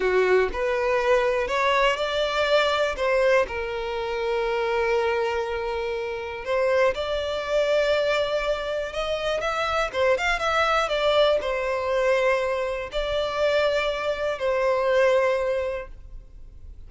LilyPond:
\new Staff \with { instrumentName = "violin" } { \time 4/4 \tempo 4 = 121 fis'4 b'2 cis''4 | d''2 c''4 ais'4~ | ais'1~ | ais'4 c''4 d''2~ |
d''2 dis''4 e''4 | c''8 f''8 e''4 d''4 c''4~ | c''2 d''2~ | d''4 c''2. | }